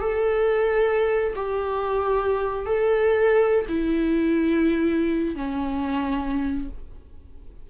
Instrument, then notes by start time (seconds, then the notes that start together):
viola
0.00 A4
1.35 G4
2.66 A4
3.68 E4
5.35 C#4